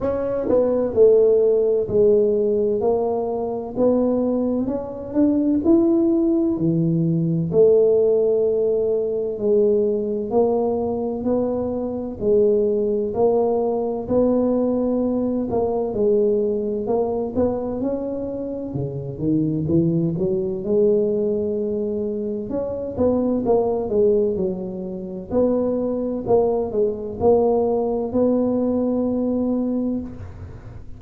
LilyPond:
\new Staff \with { instrumentName = "tuba" } { \time 4/4 \tempo 4 = 64 cis'8 b8 a4 gis4 ais4 | b4 cis'8 d'8 e'4 e4 | a2 gis4 ais4 | b4 gis4 ais4 b4~ |
b8 ais8 gis4 ais8 b8 cis'4 | cis8 dis8 e8 fis8 gis2 | cis'8 b8 ais8 gis8 fis4 b4 | ais8 gis8 ais4 b2 | }